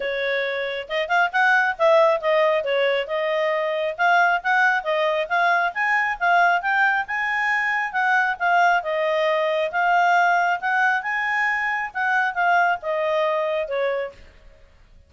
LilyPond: \new Staff \with { instrumentName = "clarinet" } { \time 4/4 \tempo 4 = 136 cis''2 dis''8 f''8 fis''4 | e''4 dis''4 cis''4 dis''4~ | dis''4 f''4 fis''4 dis''4 | f''4 gis''4 f''4 g''4 |
gis''2 fis''4 f''4 | dis''2 f''2 | fis''4 gis''2 fis''4 | f''4 dis''2 cis''4 | }